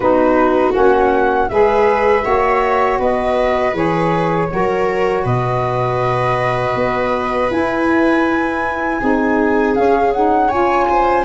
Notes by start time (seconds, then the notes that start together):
0.00 B3 D#4 F#4 B4
0.72 A#3 C#4 F#5
1.49 G#3 G#4 B4 E5
2.22 A#3 F#4 C#5
2.99 B3 B4 D#5
3.73 E3 G#4 C#5
4.49 F#3 F#4 A#4
5.23 B2 B4 D#5
6.75 B3
7.50 E4 G#5
9.00 C4 D#4 G#4
9.75 C#4 F5
10.12 D#4 F#5
10.48 F4 C#5 G#5
10.89 C5